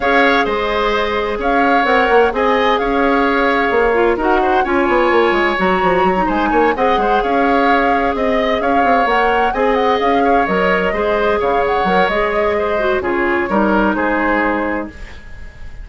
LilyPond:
<<
  \new Staff \with { instrumentName = "flute" } { \time 4/4 \tempo 4 = 129 f''4 dis''2 f''4 | fis''4 gis''4 f''2~ | f''4 fis''4 gis''2 | ais''4. gis''4 fis''4 f''8~ |
f''4. dis''4 f''4 fis''8~ | fis''8 gis''8 fis''8 f''4 dis''4.~ | dis''8 f''8 fis''4 dis''2 | cis''2 c''2 | }
  \new Staff \with { instrumentName = "oboe" } { \time 4/4 cis''4 c''2 cis''4~ | cis''4 dis''4 cis''2~ | cis''4 ais'8 c''8 cis''2~ | cis''4. c''8 cis''8 dis''8 c''8 cis''8~ |
cis''4. dis''4 cis''4.~ | cis''8 dis''4. cis''4. c''8~ | c''8 cis''2~ cis''8 c''4 | gis'4 ais'4 gis'2 | }
  \new Staff \with { instrumentName = "clarinet" } { \time 4/4 gis'1 | ais'4 gis'2.~ | gis'8 f'8 fis'4 f'2 | fis'4~ fis'16 dis'4~ dis'16 gis'4.~ |
gis'2.~ gis'8 ais'8~ | ais'8 gis'2 ais'4 gis'8~ | gis'4. ais'8 gis'4. fis'8 | f'4 dis'2. | }
  \new Staff \with { instrumentName = "bassoon" } { \time 4/4 cis'4 gis2 cis'4 | c'8 ais8 c'4 cis'2 | ais4 dis'4 cis'8 b8 ais8 gis8 | fis8 f8 fis8 gis8 ais8 c'8 gis8 cis'8~ |
cis'4. c'4 cis'8 c'8 ais8~ | ais8 c'4 cis'4 fis4 gis8~ | gis8 cis4 fis8 gis2 | cis4 g4 gis2 | }
>>